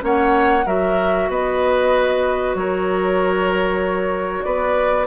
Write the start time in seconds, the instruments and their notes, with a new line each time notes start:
0.00 bassoon A#3, clarinet C#4, oboe C#5, flute F#5
0.66 bassoon F#3, clarinet F#4, oboe A#4, flute E5
1.29 bassoon B3, oboe B4, flute D#5
2.55 bassoon F#3, oboe A#4, flute C#5
4.43 bassoon B3, oboe B4, flute D5